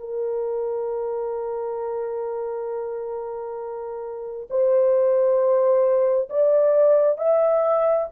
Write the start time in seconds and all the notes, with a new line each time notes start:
0.00 A#4
4.50 C5
6.30 D5
7.18 E5